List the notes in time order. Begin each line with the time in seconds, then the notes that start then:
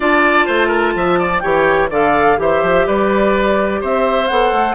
0.00 D4 F4 D5 A5
0.46 A3 C5
0.67 A#4
0.94 F3 E5
1.18 D5
1.39 E3 G4 C#5 G5
1.90 D3 A4 D5 F5
2.36 E3 G4 C5 E5
2.62 F3
2.86 G3 B4 D5
3.80 C4 C5 E5
4.27 B3 A4 F#5
4.51 A3